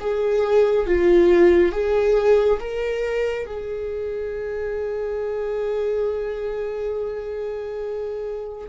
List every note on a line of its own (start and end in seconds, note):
0.00 0.87 G#4
0.87 1.72 F4
1.72 2.59 G#4
2.59 3.46 A#4
3.46 8.68 G#4